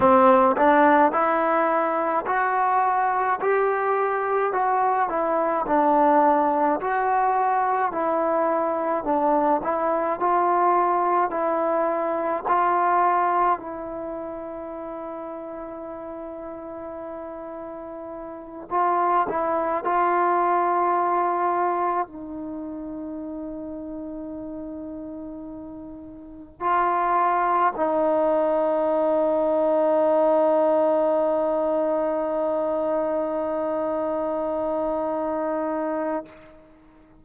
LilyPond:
\new Staff \with { instrumentName = "trombone" } { \time 4/4 \tempo 4 = 53 c'8 d'8 e'4 fis'4 g'4 | fis'8 e'8 d'4 fis'4 e'4 | d'8 e'8 f'4 e'4 f'4 | e'1~ |
e'8 f'8 e'8 f'2 dis'8~ | dis'2.~ dis'8 f'8~ | f'8 dis'2.~ dis'8~ | dis'1 | }